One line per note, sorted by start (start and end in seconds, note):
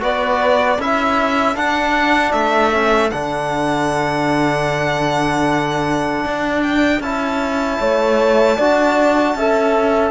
0.00 0.79 B3
0.00 0.78 F#4
0.00 0.76 B4
0.00 0.81 D5
0.76 1.56 C#4
0.76 1.56 E4
0.76 7.77 A4
0.76 1.56 E5
1.56 2.33 D4
1.56 2.72 D4
1.56 2.32 F#5
2.32 3.11 A3
2.32 3.10 E5
2.72 3.11 C#4
3.10 6.25 D3
3.10 7.02 D4
3.10 6.61 F#5
6.25 7.00 D4
6.63 7.02 G5
7.00 7.78 C#4
7.00 8.59 E4
7.00 10.11 A5
7.79 8.58 A3
7.79 8.57 C#5
8.57 9.35 D4
8.57 9.38 F#4
8.57 9.35 D5
9.35 10.11 C#4
9.35 10.11 A4
9.35 10.11 E5